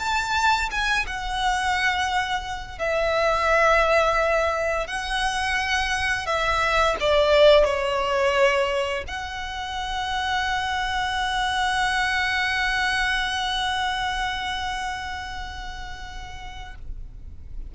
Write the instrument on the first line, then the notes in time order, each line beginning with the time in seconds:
violin
0.00 A5
0.72 G#5
1.07 F#5
2.79 E5
4.88 F#5
6.27 E5
7.01 D5
7.65 C#5
9.08 F#5